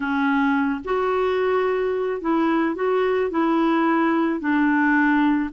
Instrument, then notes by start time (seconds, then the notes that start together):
clarinet
0.00 C#4
0.84 F#4
2.21 E4
2.75 F#4
3.30 E4
4.40 D4